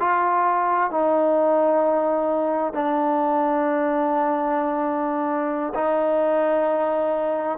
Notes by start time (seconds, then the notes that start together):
0.00 F4
0.91 D#4
2.74 D4
5.75 D#4